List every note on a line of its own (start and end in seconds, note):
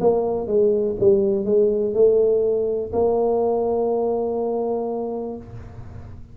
0.00 0.47 A#3
0.47 0.96 G#3
1.00 1.45 G3
1.45 1.94 G#3
1.94 2.91 A3
2.92 5.36 A#3